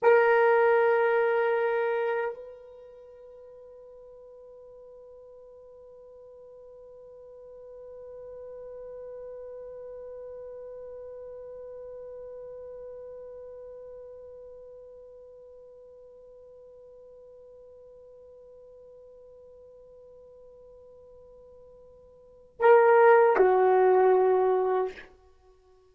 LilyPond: \new Staff \with { instrumentName = "horn" } { \time 4/4 \tempo 4 = 77 ais'2. b'4~ | b'1~ | b'1~ | b'1~ |
b'1~ | b'1~ | b'1~ | b'4 ais'4 fis'2 | }